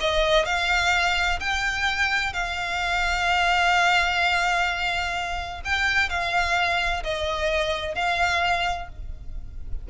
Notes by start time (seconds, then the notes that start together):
0.00 D#5
0.45 F5
1.40 G5
2.33 F5
5.64 G5
6.09 F5
7.03 D#5
7.95 F5